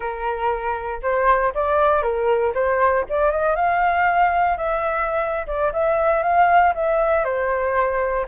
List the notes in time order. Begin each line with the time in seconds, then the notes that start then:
0.00 A#4
1.02 C5
1.54 D5
2.02 A#4
2.54 C5
3.09 D5
3.31 D#5
3.55 F5
4.57 E5
5.47 D5
5.72 E5
6.22 F5
6.74 E5
7.24 C5